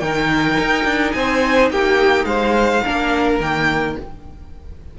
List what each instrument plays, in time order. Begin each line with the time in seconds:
0.00 cello D#3, viola D#4, violin A#4 G5
0.60 cello D#4
0.85 cello D4
1.12 cello C4, violin C5 G#5
1.71 cello A#3, violin G4 G5
2.25 cello G#3, violin C5 F5
2.84 cello A#3, viola D4, violin A#4
3.40 cello D#3, viola A#3, violin G5